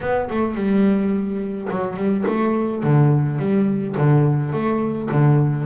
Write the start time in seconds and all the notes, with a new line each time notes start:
0.01 B3
0.30 A3
0.55 G3
1.70 F#3
1.96 G3
2.27 A3
2.83 D3
3.38 G3
3.97 D3
4.52 A3
5.11 D3